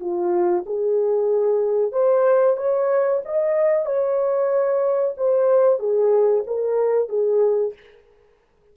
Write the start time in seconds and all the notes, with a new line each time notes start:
0.00 F4
0.66 G#4
1.92 C5
2.57 C#5
3.25 D#5
3.86 C#5
5.17 C5
5.79 G#4
6.47 A#4
7.09 G#4